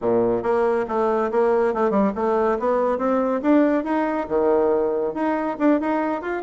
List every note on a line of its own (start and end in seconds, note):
0.01 0.42 A#2
0.42 0.85 A#3
0.87 1.30 A3
1.31 1.74 A#3
1.74 1.90 A3
1.90 2.12 G3
2.15 2.58 A3
2.59 2.98 B3
2.98 3.41 C4
3.41 3.84 D4
3.84 4.27 D#4
4.28 5.14 D#3
5.14 5.56 D#4
5.59 5.80 D4
5.80 6.21 D#4
6.21 6.42 F4